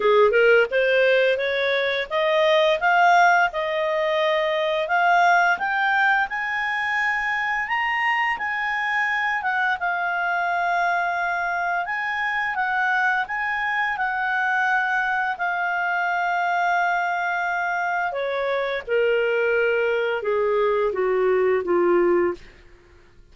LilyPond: \new Staff \with { instrumentName = "clarinet" } { \time 4/4 \tempo 4 = 86 gis'8 ais'8 c''4 cis''4 dis''4 | f''4 dis''2 f''4 | g''4 gis''2 ais''4 | gis''4. fis''8 f''2~ |
f''4 gis''4 fis''4 gis''4 | fis''2 f''2~ | f''2 cis''4 ais'4~ | ais'4 gis'4 fis'4 f'4 | }